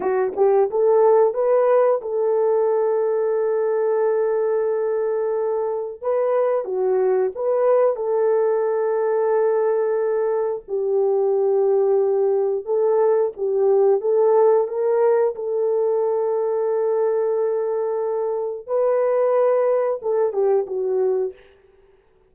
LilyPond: \new Staff \with { instrumentName = "horn" } { \time 4/4 \tempo 4 = 90 fis'8 g'8 a'4 b'4 a'4~ | a'1~ | a'4 b'4 fis'4 b'4 | a'1 |
g'2. a'4 | g'4 a'4 ais'4 a'4~ | a'1 | b'2 a'8 g'8 fis'4 | }